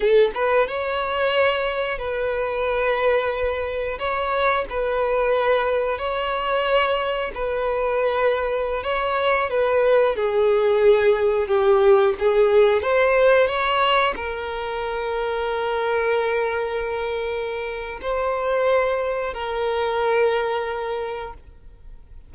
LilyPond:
\new Staff \with { instrumentName = "violin" } { \time 4/4 \tempo 4 = 90 a'8 b'8 cis''2 b'4~ | b'2 cis''4 b'4~ | b'4 cis''2 b'4~ | b'4~ b'16 cis''4 b'4 gis'8.~ |
gis'4~ gis'16 g'4 gis'4 c''8.~ | c''16 cis''4 ais'2~ ais'8.~ | ais'2. c''4~ | c''4 ais'2. | }